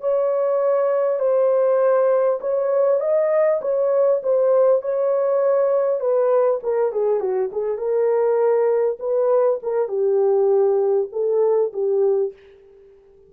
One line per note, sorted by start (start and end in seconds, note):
0.00 1.19 C#5
1.19 2.39 C5
2.41 3.00 C#5
3.00 3.60 D#5
3.61 4.21 C#5
4.23 4.82 C5
4.82 6.00 C#5
6.00 6.60 B4
6.63 6.92 A#4
6.92 7.20 G#4
7.20 7.50 F#4
7.52 7.78 G#4
7.78 8.98 A#4
8.99 9.59 B4
9.62 9.88 A#4
9.88 11.08 G4
11.12 11.72 A4
11.73 12.33 G4